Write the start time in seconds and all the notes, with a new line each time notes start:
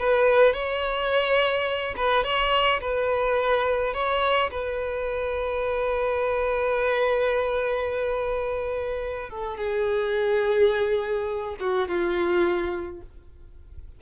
0.00 B4
0.54 C#5
1.97 B4
2.24 C#5
2.81 B4
3.94 C#5
4.52 B4
9.30 A4
9.58 G#4
11.60 F#4
11.88 F4